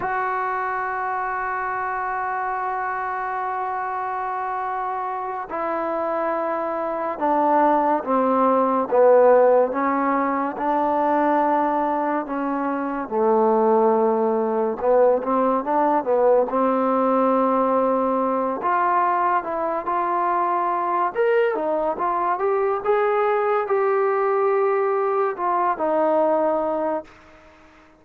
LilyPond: \new Staff \with { instrumentName = "trombone" } { \time 4/4 \tempo 4 = 71 fis'1~ | fis'2~ fis'8 e'4.~ | e'8 d'4 c'4 b4 cis'8~ | cis'8 d'2 cis'4 a8~ |
a4. b8 c'8 d'8 b8 c'8~ | c'2 f'4 e'8 f'8~ | f'4 ais'8 dis'8 f'8 g'8 gis'4 | g'2 f'8 dis'4. | }